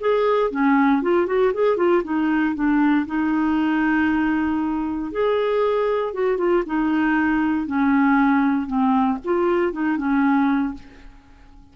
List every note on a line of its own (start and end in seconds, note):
0.00 0.51 G#4
0.51 1.02 C#4
1.02 1.27 F4
1.27 1.52 F#4
1.53 1.77 G#4
1.77 2.02 F4
2.03 2.55 D#4
2.55 3.06 D4
3.06 5.11 D#4
5.11 6.14 G#4
6.14 6.37 F#4
6.37 6.63 F4
6.66 7.66 D#4
7.66 8.66 C#4
8.66 9.18 C4
9.24 9.72 F4
9.72 9.97 D#4
9.97 10.74 C#4